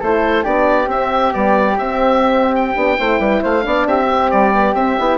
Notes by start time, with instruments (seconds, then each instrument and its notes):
0.00 bassoon A3, horn E4, flute A4, oboe C5
0.43 bassoon B3, horn D4, flute G4, oboe D5
0.86 bassoon C4, horn C4, oboe E5
1.31 bassoon G3, horn B3, oboe D5
1.78 horn C4, bassoon C4, oboe E5
2.55 oboe G5
2.75 bassoon B3, horn D4
2.98 bassoon A3, horn E4, flute C5
3.19 bassoon G3, flute B4
3.42 bassoon A3, flute C5, oboe F5
3.61 bassoon B3, horn D4, flute D5
3.86 bassoon C4, flute G4, oboe E5
4.10 horn C4
4.30 bassoon G3, oboe D5
4.52 horn B3
4.74 bassoon C4, horn C4, oboe E5
4.99 bassoon B3, horn E4